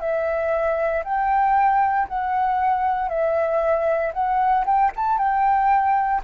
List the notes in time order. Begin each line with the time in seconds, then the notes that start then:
0.00 E5
1.04 G5
2.08 F#5
3.08 E5
4.13 F#5
4.66 G5
4.96 A5
5.18 G5